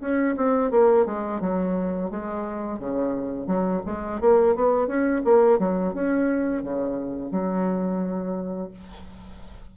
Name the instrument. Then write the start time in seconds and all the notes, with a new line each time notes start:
bassoon
0.00 C#4
0.36 C4
0.71 A#3
1.05 G#3
1.40 F#3
2.10 G#3
2.79 C#3
3.47 F#3
3.85 G#3
4.20 A#3
4.55 B3
4.87 C#4
5.24 A#3
5.58 F#3
5.93 C#4
6.62 C#3
7.31 F#3